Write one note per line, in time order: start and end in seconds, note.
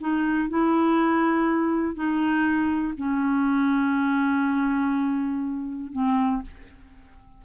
0.00 0.49 D#4
0.49 1.95 E4
1.95 2.94 D#4
2.97 5.92 C#4
5.92 6.41 C4